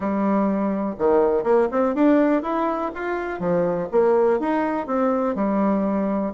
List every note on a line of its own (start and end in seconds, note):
0.00 0.95 G3
0.98 1.43 D#3
1.43 1.68 A#3
1.71 1.94 C4
1.94 2.42 D4
2.42 2.91 E4
2.94 3.39 F4
3.39 3.88 F3
3.91 4.39 A#3
4.39 4.86 D#4
4.86 5.35 C4
5.35 6.33 G3